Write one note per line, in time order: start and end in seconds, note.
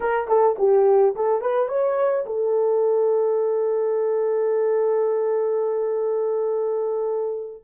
0.00 0.28 A#4
0.28 0.56 A4
0.58 1.15 G4
1.15 1.41 A4
1.41 1.68 B4
1.68 2.25 C#5
2.25 7.63 A4